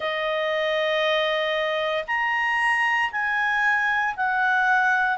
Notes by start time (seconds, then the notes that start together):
0.00 D#5
2.07 A#5
3.11 G#5
4.16 F#5